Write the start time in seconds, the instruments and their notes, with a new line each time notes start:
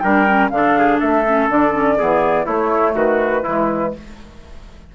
0.00 bassoon G3, clarinet D4, trumpet A#4, flute G5
0.27 clarinet C#4
0.50 bassoon D3, clarinet D4, flute F5
0.57 trumpet A4
0.78 trumpet G#4
1.00 bassoon A3, trumpet A4, flute E5
1.26 clarinet C#4
1.49 bassoon D3, clarinet D4, flute D5
1.72 clarinet C#4
1.98 bassoon E3, clarinet B3, trumpet G#4
2.46 bassoon A3, clarinet A3, trumpet E4, flute C#5
2.95 bassoon D#3, trumpet F#4, flute B4
3.44 bassoon E3, clarinet G#3, trumpet E4